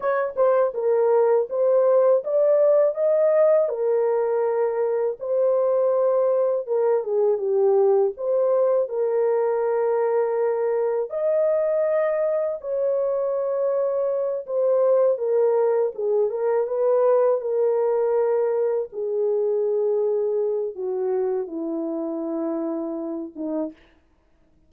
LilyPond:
\new Staff \with { instrumentName = "horn" } { \time 4/4 \tempo 4 = 81 cis''8 c''8 ais'4 c''4 d''4 | dis''4 ais'2 c''4~ | c''4 ais'8 gis'8 g'4 c''4 | ais'2. dis''4~ |
dis''4 cis''2~ cis''8 c''8~ | c''8 ais'4 gis'8 ais'8 b'4 ais'8~ | ais'4. gis'2~ gis'8 | fis'4 e'2~ e'8 dis'8 | }